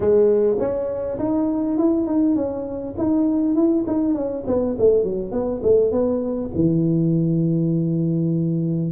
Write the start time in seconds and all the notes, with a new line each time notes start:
0.00 G#3
0.59 C#4
1.19 D#4
1.78 E4
2.06 D#4
2.35 C#4
2.97 D#4
3.55 E4
3.87 D#4
4.14 C#4
4.46 B3
4.78 A3
5.03 F#3
5.31 B3
5.62 A3
5.91 B3
6.55 E3